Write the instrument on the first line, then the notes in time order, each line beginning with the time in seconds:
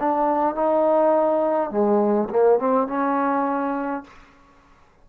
trombone
0.00 D4
0.55 D#4
1.71 G#3
2.30 A#3
2.59 C4
2.88 C#4